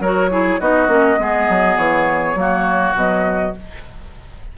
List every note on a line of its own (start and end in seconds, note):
0.00 0.59 F#3
0.00 0.31 F#4
0.00 0.30 A#4
0.00 0.60 C#5
0.31 0.60 E4
0.31 0.60 G#4
0.60 0.88 B3
0.60 0.88 D#4
0.60 1.19 F#4
0.60 1.77 D#5
0.88 1.17 A#3
0.88 1.17 C#4
1.19 1.48 G#3
1.19 2.37 B3
1.19 2.39 G#4
1.49 1.77 F#3
1.77 2.35 E3
1.77 2.95 C#5
2.35 2.94 F#3
2.35 2.95 A#3
2.35 3.57 F#4
2.94 3.53 B2
2.94 3.55 F#3
2.94 3.55 D#5